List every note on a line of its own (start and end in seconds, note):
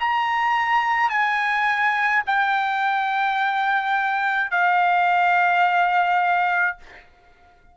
0.00 1.09 A#5
1.09 2.22 G#5
2.26 4.50 G5
4.50 6.77 F5